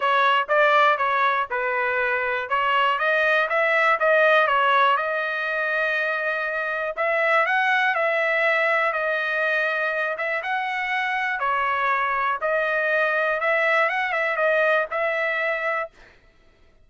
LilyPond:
\new Staff \with { instrumentName = "trumpet" } { \time 4/4 \tempo 4 = 121 cis''4 d''4 cis''4 b'4~ | b'4 cis''4 dis''4 e''4 | dis''4 cis''4 dis''2~ | dis''2 e''4 fis''4 |
e''2 dis''2~ | dis''8 e''8 fis''2 cis''4~ | cis''4 dis''2 e''4 | fis''8 e''8 dis''4 e''2 | }